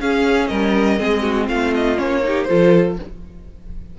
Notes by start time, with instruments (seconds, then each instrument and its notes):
0.00 viola C#4, cello C#4, violin G#4 F5
0.47 cello G3, violin A#4 D#5
0.98 cello G#3, viola C4, violin G#4
1.22 violin F#4
1.47 cello A3, violin F4 F5
1.75 violin D#5
1.97 cello A#3, viola C#4, violin C#5
2.23 viola D#4, violin G4
2.43 cello F3, viola F4, violin A4 C5